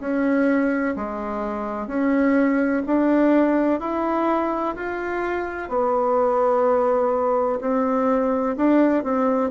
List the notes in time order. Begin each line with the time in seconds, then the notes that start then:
0.00 C#4
0.96 G#3
1.87 C#4
2.86 D4
3.80 E4
4.76 F4
5.69 B3
7.61 C4
8.57 D4
9.03 C4